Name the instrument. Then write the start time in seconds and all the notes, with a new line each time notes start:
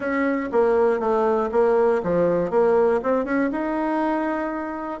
bassoon
0.00 C#4
0.52 A#3
0.99 A3
1.51 A#3
2.03 F3
2.50 A#3
3.02 C4
3.25 C#4
3.51 D#4